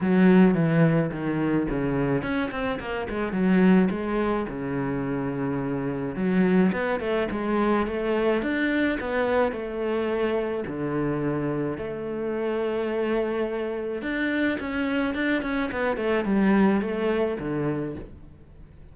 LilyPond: \new Staff \with { instrumentName = "cello" } { \time 4/4 \tempo 4 = 107 fis4 e4 dis4 cis4 | cis'8 c'8 ais8 gis8 fis4 gis4 | cis2. fis4 | b8 a8 gis4 a4 d'4 |
b4 a2 d4~ | d4 a2.~ | a4 d'4 cis'4 d'8 cis'8 | b8 a8 g4 a4 d4 | }